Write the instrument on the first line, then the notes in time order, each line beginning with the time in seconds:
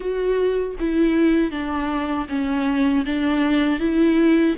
viola
0.00 F#4
0.79 E4
1.51 D4
2.29 C#4
3.06 D4
3.79 E4